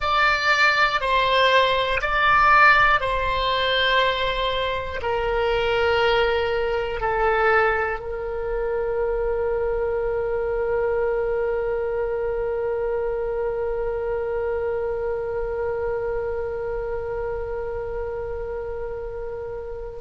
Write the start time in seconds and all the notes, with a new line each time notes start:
0.00 D5
1.00 C5
2.01 D5
3.00 C5
5.01 A#4
7.00 A4
8.00 A#4